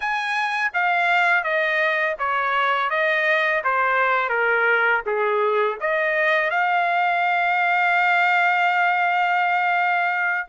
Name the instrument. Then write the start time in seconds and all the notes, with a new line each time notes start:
trumpet
0.00 G#5
0.73 F5
1.43 D#5
2.18 C#5
2.90 D#5
3.63 C5
4.29 A#4
5.06 G#4
5.80 D#5
6.50 F5